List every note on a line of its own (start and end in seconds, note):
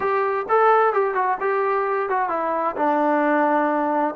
0.00 0.46 G4
0.48 0.93 A4
0.93 1.14 G4
1.14 1.37 F#4
1.40 2.09 G4
2.09 2.29 F#4
2.29 2.75 E4
2.76 4.14 D4